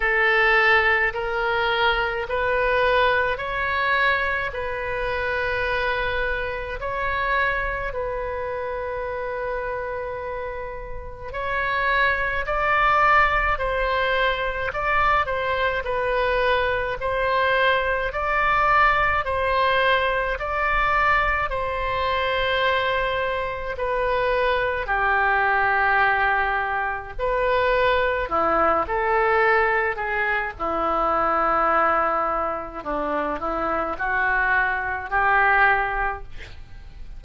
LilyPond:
\new Staff \with { instrumentName = "oboe" } { \time 4/4 \tempo 4 = 53 a'4 ais'4 b'4 cis''4 | b'2 cis''4 b'4~ | b'2 cis''4 d''4 | c''4 d''8 c''8 b'4 c''4 |
d''4 c''4 d''4 c''4~ | c''4 b'4 g'2 | b'4 e'8 a'4 gis'8 e'4~ | e'4 d'8 e'8 fis'4 g'4 | }